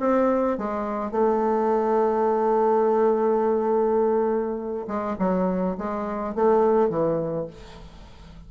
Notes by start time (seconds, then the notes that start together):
0.00 C4
0.58 G#3
1.12 A3
4.87 G#3
5.19 F#3
5.78 G#3
6.35 A3
6.89 E3